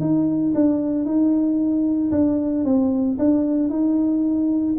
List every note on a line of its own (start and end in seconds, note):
0.00 0.53 D#4
0.54 1.05 D4
1.05 2.11 D#4
2.11 2.64 D4
2.64 3.17 C4
3.18 3.69 D4
3.69 4.75 D#4